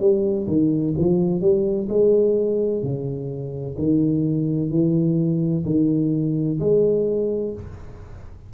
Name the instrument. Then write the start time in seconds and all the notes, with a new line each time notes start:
tuba
0.00 G3
0.47 D#3
0.98 F3
1.41 G3
1.89 G#3
2.83 C#3
3.78 D#3
4.70 E3
5.65 D#3
6.60 G#3